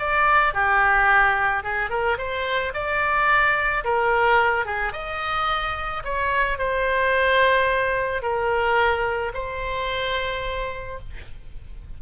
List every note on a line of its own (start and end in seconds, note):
0.00 0.54 D5
0.54 1.64 G4
1.64 1.90 G#4
1.90 2.18 A#4
2.18 2.73 C5
2.74 3.85 D5
3.85 4.66 A#4
4.66 4.93 G#4
4.93 6.04 D#5
6.05 6.59 C#5
6.59 8.23 C5
8.23 9.33 A#4
9.34 10.99 C5